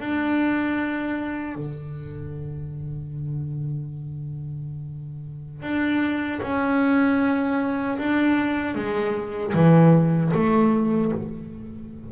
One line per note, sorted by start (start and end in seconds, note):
0.00 1.55 D4
1.55 5.62 D3
5.62 6.40 D4
6.42 7.98 C#4
7.98 8.75 D4
8.75 9.53 G#3
9.54 10.32 E3
10.34 11.12 A3